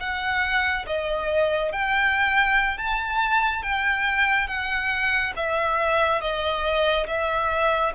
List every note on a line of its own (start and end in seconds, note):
0.00 0.86 F#5
0.87 1.72 D#5
1.72 2.78 G5
2.78 3.63 A5
3.63 4.48 G5
4.48 5.33 F#5
5.36 6.21 E5
6.21 7.07 D#5
7.07 7.93 E5